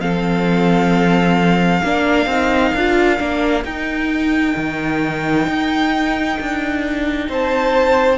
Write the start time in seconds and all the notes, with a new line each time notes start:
0.00 F3 C4 A4 F5
1.82 A#3 D4 A#4
2.26 C4 D#4
2.74 D4 F4
3.18 A#3 D4
3.64 D#4 G5
4.56 D#3
5.47 D#4
6.40 D4
7.29 C4 C5 A5